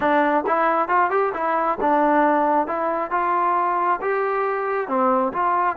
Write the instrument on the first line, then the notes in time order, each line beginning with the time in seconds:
trombone
0.00 D4
0.46 E4
0.88 F4
1.10 G4
1.34 E4
1.80 D4
2.67 E4
3.11 F4
4.01 G4
4.87 C4
5.32 F4